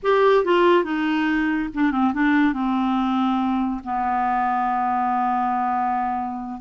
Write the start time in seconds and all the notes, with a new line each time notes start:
0.03 G4
0.44 F4
0.84 D#4
1.74 D4
1.91 C4
2.13 D4
2.53 C4
3.83 B3